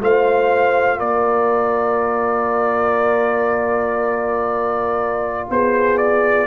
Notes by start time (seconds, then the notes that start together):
0.00 A3 F4 C5 F5
0.98 A#3 A#4 D5
5.50 B3 G#4 C5
5.98 D5